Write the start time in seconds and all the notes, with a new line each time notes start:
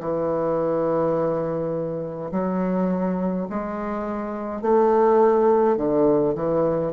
0.00 E3
2.31 F#3
3.50 G#3
4.62 A3
5.76 D3
6.35 E3